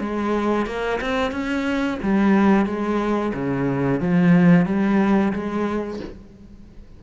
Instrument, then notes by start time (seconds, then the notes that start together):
cello
0.00 G#3
0.66 A#3
1.01 C4
1.32 C#4
2.03 G3
2.66 G#3
3.34 C#3
4.01 F3
4.66 G3
5.33 G#3